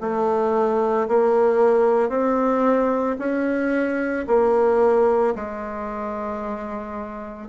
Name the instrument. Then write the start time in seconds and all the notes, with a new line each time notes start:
bassoon
0.00 A3
1.08 A#3
2.09 C4
3.19 C#4
4.27 A#3
5.35 G#3